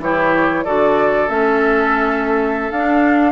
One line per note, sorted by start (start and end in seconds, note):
0.00 0.64 E3
0.00 0.66 E4
0.00 0.65 G4
0.00 0.65 C#5
0.65 1.29 D3
0.65 1.29 F#4
0.65 3.32 A4
0.65 1.29 D5
1.29 2.71 A3
1.29 2.72 C#4
1.29 2.72 E5
2.71 3.32 D4
2.71 3.32 F5